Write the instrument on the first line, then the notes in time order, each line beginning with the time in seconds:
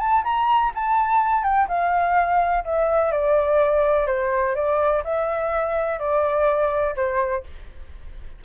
flute
0.00 A5
0.24 A#5
0.75 A5
1.43 G5
1.68 F5
2.65 E5
3.12 D5
4.07 C5
4.56 D5
5.04 E5
5.99 D5
6.96 C5